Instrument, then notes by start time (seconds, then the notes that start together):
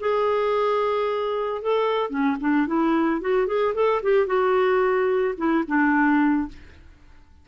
clarinet
0.00 G#4
1.62 A4
2.10 C#4
2.41 D4
2.67 E4
3.21 F#4
3.47 G#4
3.75 A4
4.03 G4
4.27 F#4
5.38 E4
5.68 D4